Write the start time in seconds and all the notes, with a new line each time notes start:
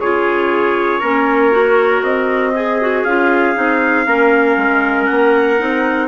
0.00 C#3 F4 G#4 C#5
1.00 A#3 C#4 A#4
1.52 F#4
2.02 C4 D#5
2.55 G#4
2.81 F#4
3.04 C#4 F4 F5
3.55 C4 D#4
4.07 A#3 C#4 A#4
4.57 G#3
5.05 A#3 F#5
5.58 C4 D#4